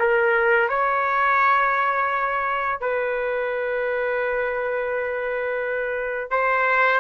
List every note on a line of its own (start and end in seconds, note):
0.00 0.69 A#4
0.69 2.81 C#5
2.81 6.31 B4
6.31 7.00 C5